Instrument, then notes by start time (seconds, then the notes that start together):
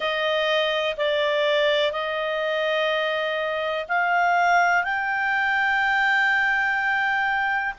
clarinet
0.00 D#5
0.97 D5
1.91 D#5
3.88 F5
4.83 G5